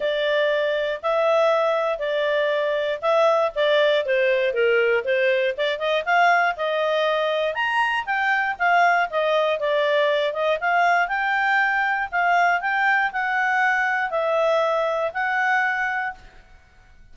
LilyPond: \new Staff \with { instrumentName = "clarinet" } { \time 4/4 \tempo 4 = 119 d''2 e''2 | d''2 e''4 d''4 | c''4 ais'4 c''4 d''8 dis''8 | f''4 dis''2 ais''4 |
g''4 f''4 dis''4 d''4~ | d''8 dis''8 f''4 g''2 | f''4 g''4 fis''2 | e''2 fis''2 | }